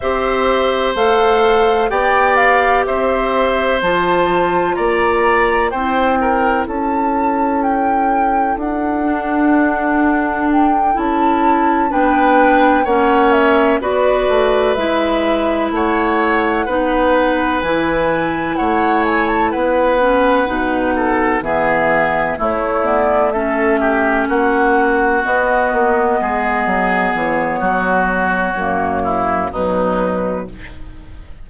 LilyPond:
<<
  \new Staff \with { instrumentName = "flute" } { \time 4/4 \tempo 4 = 63 e''4 f''4 g''8 f''8 e''4 | a''4 ais''4 g''4 a''4 | g''4 fis''2 g''8 a''8~ | a''8 g''4 fis''8 e''8 d''4 e''8~ |
e''8 fis''2 gis''4 fis''8 | gis''16 a''16 fis''2 e''4 cis''8 | d''8 e''4 fis''4 dis''4.~ | dis''8 cis''2~ cis''8 b'4 | }
  \new Staff \with { instrumentName = "oboe" } { \time 4/4 c''2 d''4 c''4~ | c''4 d''4 c''8 ais'8 a'4~ | a'1~ | a'8 b'4 cis''4 b'4.~ |
b'8 cis''4 b'2 cis''8~ | cis''8 b'4. a'8 gis'4 e'8~ | e'8 a'8 g'8 fis'2 gis'8~ | gis'4 fis'4. e'8 dis'4 | }
  \new Staff \with { instrumentName = "clarinet" } { \time 4/4 g'4 a'4 g'2 | f'2 e'2~ | e'4. d'2 e'8~ | e'8 d'4 cis'4 fis'4 e'8~ |
e'4. dis'4 e'4.~ | e'4 cis'8 dis'4 b4 a8 | b8 cis'2 b4.~ | b2 ais4 fis4 | }
  \new Staff \with { instrumentName = "bassoon" } { \time 4/4 c'4 a4 b4 c'4 | f4 ais4 c'4 cis'4~ | cis'4 d'2~ d'8 cis'8~ | cis'8 b4 ais4 b8 a8 gis8~ |
gis8 a4 b4 e4 a8~ | a8 b4 b,4 e4 a8~ | a4. ais4 b8 ais8 gis8 | fis8 e8 fis4 fis,4 b,4 | }
>>